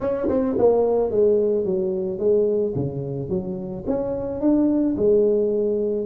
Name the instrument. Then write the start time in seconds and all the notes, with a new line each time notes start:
tuba
0.00 C#4
0.28 C4
0.58 A#3
1.10 G#3
1.64 F#3
2.18 G#3
2.75 C#3
3.29 F#3
3.86 C#4
4.40 D4
4.97 G#3